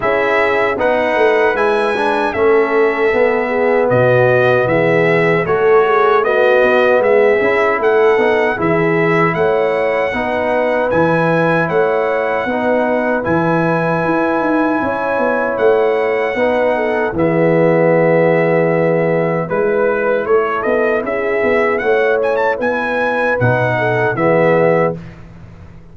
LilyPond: <<
  \new Staff \with { instrumentName = "trumpet" } { \time 4/4 \tempo 4 = 77 e''4 fis''4 gis''4 e''4~ | e''4 dis''4 e''4 cis''4 | dis''4 e''4 fis''4 e''4 | fis''2 gis''4 fis''4~ |
fis''4 gis''2. | fis''2 e''2~ | e''4 b'4 cis''8 dis''8 e''4 | fis''8 gis''16 a''16 gis''4 fis''4 e''4 | }
  \new Staff \with { instrumentName = "horn" } { \time 4/4 gis'4 b'2 a'4~ | a'8 gis'8 fis'4 gis'4 a'8 gis'8 | fis'4 gis'4 a'4 gis'4 | cis''4 b'2 cis''4 |
b'2. cis''4~ | cis''4 b'8 a'8 gis'2~ | gis'4 b'4 a'4 gis'4 | cis''4 b'4. a'8 gis'4 | }
  \new Staff \with { instrumentName = "trombone" } { \time 4/4 e'4 dis'4 e'8 d'8 cis'4 | b2. fis'4 | b4. e'4 dis'8 e'4~ | e'4 dis'4 e'2 |
dis'4 e'2.~ | e'4 dis'4 b2~ | b4 e'2.~ | e'2 dis'4 b4 | }
  \new Staff \with { instrumentName = "tuba" } { \time 4/4 cis'4 b8 a8 gis4 a4 | b4 b,4 e4 a4~ | a8 b8 gis8 cis'8 a8 b8 e4 | a4 b4 e4 a4 |
b4 e4 e'8 dis'8 cis'8 b8 | a4 b4 e2~ | e4 gis4 a8 b8 cis'8 b8 | a4 b4 b,4 e4 | }
>>